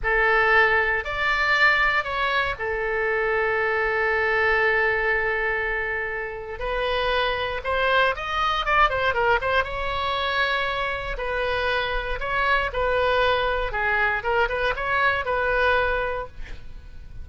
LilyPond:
\new Staff \with { instrumentName = "oboe" } { \time 4/4 \tempo 4 = 118 a'2 d''2 | cis''4 a'2.~ | a'1~ | a'4 b'2 c''4 |
dis''4 d''8 c''8 ais'8 c''8 cis''4~ | cis''2 b'2 | cis''4 b'2 gis'4 | ais'8 b'8 cis''4 b'2 | }